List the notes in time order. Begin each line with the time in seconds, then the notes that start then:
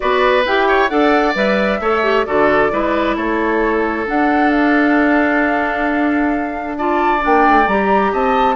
0.00 B3 F#4 B4 D5
0.45 E4 G4 G5
0.67 C#5
0.88 D4 A4 D5 F#5
1.35 G3 B4 E5
1.80 A3 A4 C#5
2.03 G4
2.25 D3 F#4 A4 D5
2.70 G#3 E4 B4
3.16 A3 A4 C#5
4.06 D4 F#5
4.50 F5
6.78 F4 D5 A5
7.19 A#3 D4
7.25 G5
7.48 A3
7.67 G3 G4 A#5
8.12 C4 D#5 A5